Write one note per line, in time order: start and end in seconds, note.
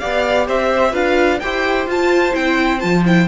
0.00 0.48 B3
0.00 0.92 G4
0.00 0.47 D5
0.00 0.47 F5
0.47 0.93 C4
0.47 0.92 C5
0.47 0.95 E5
0.92 1.40 D4
0.92 1.38 F4
0.92 1.39 B4
0.92 1.40 F5
1.40 1.87 E4
1.40 1.87 G4
1.40 3.28 C5
1.40 1.87 G5
1.87 2.34 F4
1.87 2.32 F4
1.87 2.35 A5
2.32 2.83 C4
2.32 2.79 E4
2.32 2.80 G5
2.80 3.28 F3
2.80 3.03 F4
2.80 3.03 A5
3.05 3.28 E4
3.05 3.28 G5